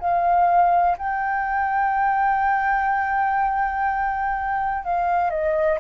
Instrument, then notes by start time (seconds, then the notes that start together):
flute
0.00 F5
0.98 G5
4.84 F5
5.30 D#5